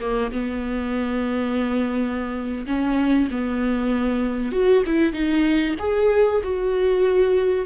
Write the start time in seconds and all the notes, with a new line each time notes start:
0.00 A#3
0.32 B3
2.66 C#4
3.31 B3
4.52 F#4
4.86 E4
5.13 D#4
5.79 G#4
6.43 F#4